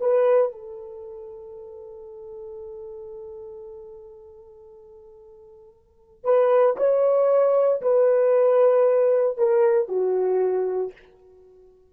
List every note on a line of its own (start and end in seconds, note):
0.00 0.52 B4
0.52 6.24 A4
6.24 6.76 B4
6.77 7.81 C#5
7.81 9.37 B4
9.37 9.88 A#4
9.88 10.92 F#4